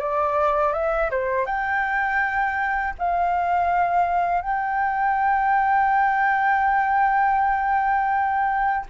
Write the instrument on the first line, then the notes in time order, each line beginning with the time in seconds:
flute
0.00 D5
0.74 E5
1.11 C5
1.46 G5
2.99 F5
4.42 G5